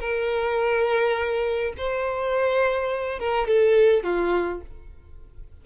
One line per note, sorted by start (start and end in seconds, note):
0.00 1.73 A#4
1.77 3.19 C5
3.19 3.47 A#4
3.47 4.03 A4
4.03 4.61 F4